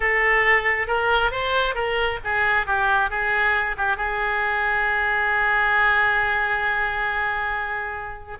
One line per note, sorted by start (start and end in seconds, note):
0.00 0.87 A4
0.87 1.31 A#4
1.31 1.74 C5
1.74 2.19 A#4
2.24 2.66 G#4
2.66 3.10 G4
3.10 3.76 G#4
3.77 3.96 G4
3.96 8.38 G#4